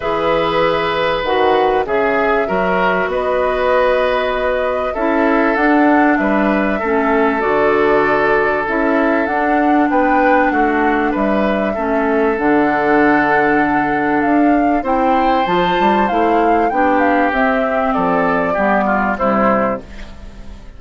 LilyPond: <<
  \new Staff \with { instrumentName = "flute" } { \time 4/4 \tempo 4 = 97 e''2 fis''4 e''4~ | e''4 dis''2. | e''4 fis''4 e''2 | d''2 e''4 fis''4 |
g''4 fis''4 e''2 | fis''2. f''4 | g''4 a''4 f''4 g''8 f''8 | e''4 d''2 c''4 | }
  \new Staff \with { instrumentName = "oboe" } { \time 4/4 b'2. gis'4 | ais'4 b'2. | a'2 b'4 a'4~ | a'1 |
b'4 fis'4 b'4 a'4~ | a'1 | c''2. g'4~ | g'4 a'4 g'8 f'8 e'4 | }
  \new Staff \with { instrumentName = "clarinet" } { \time 4/4 gis'2 fis'4 gis'4 | fis'1 | e'4 d'2 cis'4 | fis'2 e'4 d'4~ |
d'2. cis'4 | d'1 | e'4 f'4 e'4 d'4 | c'2 b4 g4 | }
  \new Staff \with { instrumentName = "bassoon" } { \time 4/4 e2 dis4 cis4 | fis4 b2. | cis'4 d'4 g4 a4 | d2 cis'4 d'4 |
b4 a4 g4 a4 | d2. d'4 | c'4 f8 g8 a4 b4 | c'4 f4 g4 c4 | }
>>